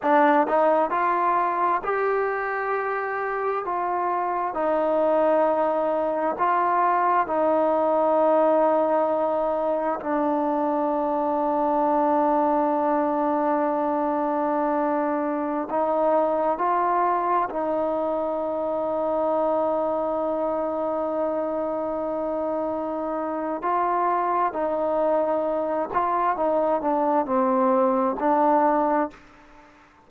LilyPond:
\new Staff \with { instrumentName = "trombone" } { \time 4/4 \tempo 4 = 66 d'8 dis'8 f'4 g'2 | f'4 dis'2 f'4 | dis'2. d'4~ | d'1~ |
d'4~ d'16 dis'4 f'4 dis'8.~ | dis'1~ | dis'2 f'4 dis'4~ | dis'8 f'8 dis'8 d'8 c'4 d'4 | }